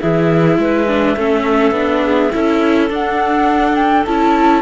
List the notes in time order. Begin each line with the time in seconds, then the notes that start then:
0.00 E3 E4 G#4 E5
0.57 G#3 B4
0.87 D4
1.16 A3 C#4 A4
1.71 B3 D4
2.03 G#4
2.31 C#4 E4 A4
2.89 D4 F#5
3.75 G5
4.06 C#4 E4 A5